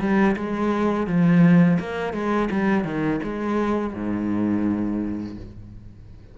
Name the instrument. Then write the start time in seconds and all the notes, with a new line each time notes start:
cello
0.00 G3
0.37 G#3
1.07 F3
1.80 A#3
2.13 G#3
2.51 G3
2.84 D#3
3.23 G#3
3.94 G#2